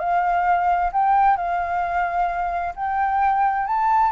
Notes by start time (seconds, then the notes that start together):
0.00 F5
0.93 G5
1.37 F5
2.76 G5
3.67 A5